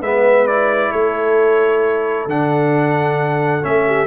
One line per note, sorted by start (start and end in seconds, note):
0.00 0.91 G#3
0.00 0.48 B3
0.00 0.90 B4
0.00 0.47 E5
0.47 2.28 E4
0.47 0.92 D5
0.92 2.26 A3
0.92 3.85 A4
0.92 2.27 C#5
2.26 3.61 D3
2.26 3.62 D4
2.26 3.64 F#5
3.62 4.07 A3
3.62 4.07 C#4
3.62 4.07 E5
3.87 4.07 G4